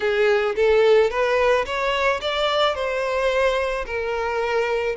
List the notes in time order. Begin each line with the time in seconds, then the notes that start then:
0.00 G#4
0.55 A4
1.10 B4
1.65 C#5
2.21 D5
2.74 C5
3.86 A#4